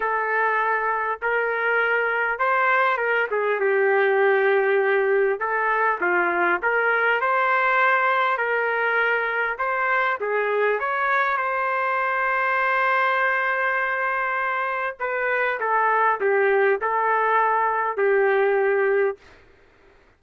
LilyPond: \new Staff \with { instrumentName = "trumpet" } { \time 4/4 \tempo 4 = 100 a'2 ais'2 | c''4 ais'8 gis'8 g'2~ | g'4 a'4 f'4 ais'4 | c''2 ais'2 |
c''4 gis'4 cis''4 c''4~ | c''1~ | c''4 b'4 a'4 g'4 | a'2 g'2 | }